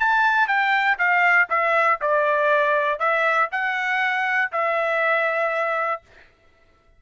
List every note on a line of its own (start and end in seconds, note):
0.00 0.48 A5
0.48 0.98 G5
0.99 1.49 F5
1.50 2.00 E5
2.02 3.00 D5
3.00 3.50 E5
3.52 4.52 F#5
4.52 6.02 E5